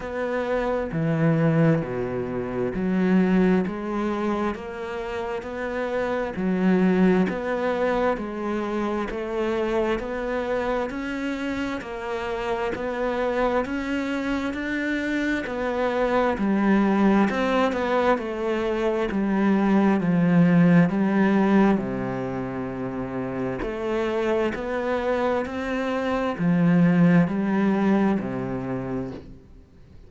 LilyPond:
\new Staff \with { instrumentName = "cello" } { \time 4/4 \tempo 4 = 66 b4 e4 b,4 fis4 | gis4 ais4 b4 fis4 | b4 gis4 a4 b4 | cis'4 ais4 b4 cis'4 |
d'4 b4 g4 c'8 b8 | a4 g4 f4 g4 | c2 a4 b4 | c'4 f4 g4 c4 | }